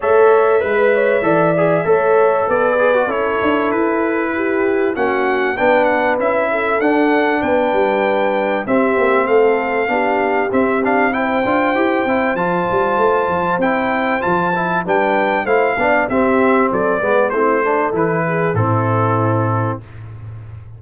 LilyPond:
<<
  \new Staff \with { instrumentName = "trumpet" } { \time 4/4 \tempo 4 = 97 e''1 | d''4 cis''4 b'2 | fis''4 g''8 fis''8 e''4 fis''4 | g''2 e''4 f''4~ |
f''4 e''8 f''8 g''2 | a''2 g''4 a''4 | g''4 f''4 e''4 d''4 | c''4 b'4 a'2 | }
  \new Staff \with { instrumentName = "horn" } { \time 4/4 cis''4 b'8 cis''8 d''4 cis''4 | b'4 a'2 g'4 | fis'4 b'4. a'4. | b'2 g'4 a'4 |
g'2 c''2~ | c''1 | b'4 c''8 d''8 g'4 a'8 b'8 | e'8 a'4 gis'8 e'2 | }
  \new Staff \with { instrumentName = "trombone" } { \time 4/4 a'4 b'4 a'8 gis'8 a'4~ | a'8 gis'16 fis'16 e'2. | cis'4 d'4 e'4 d'4~ | d'2 c'2 |
d'4 c'8 d'8 e'8 f'8 g'8 e'8 | f'2 e'4 f'8 e'8 | d'4 e'8 d'8 c'4. b8 | c'8 d'8 e'4 c'2 | }
  \new Staff \with { instrumentName = "tuba" } { \time 4/4 a4 gis4 e4 a4 | b4 cis'8 d'8 e'2 | ais4 b4 cis'4 d'4 | b8 g4. c'8 ais8 a4 |
b4 c'4. d'8 e'8 c'8 | f8 g8 a8 f8 c'4 f4 | g4 a8 b8 c'4 fis8 gis8 | a4 e4 a,2 | }
>>